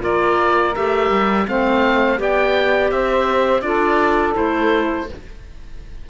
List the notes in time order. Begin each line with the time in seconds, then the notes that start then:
0.00 A#3 F4 A#4 D5
0.75 A3 G4 E5
1.10 G3
1.47 A3 C4 C5 F5
2.17 B3 G4 D5 G5
2.91 C4 C5 E5
3.61 D4 F4 A4 D5
4.33 A3 E4 C5